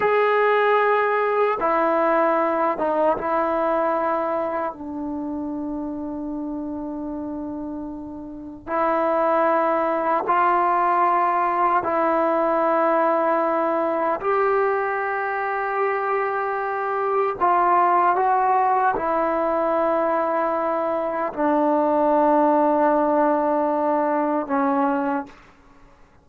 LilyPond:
\new Staff \with { instrumentName = "trombone" } { \time 4/4 \tempo 4 = 76 gis'2 e'4. dis'8 | e'2 d'2~ | d'2. e'4~ | e'4 f'2 e'4~ |
e'2 g'2~ | g'2 f'4 fis'4 | e'2. d'4~ | d'2. cis'4 | }